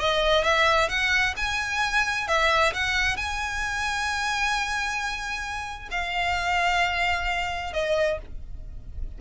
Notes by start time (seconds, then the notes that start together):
0.00 D#5
0.44 E5
0.89 F#5
1.37 G#5
2.28 E5
2.74 F#5
3.17 G#5
5.91 F5
7.73 D#5